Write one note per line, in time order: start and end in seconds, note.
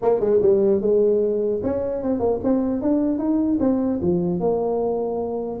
0.02 0.20 A#3
0.20 0.40 G#3
0.41 0.81 G3
0.81 1.61 G#3
1.63 2.03 C#4
2.03 2.19 C4
2.19 2.39 A#3
2.43 2.81 C4
2.81 3.18 D4
3.18 3.58 D#4
3.60 4.00 C4
4.01 4.40 F3
4.40 5.60 A#3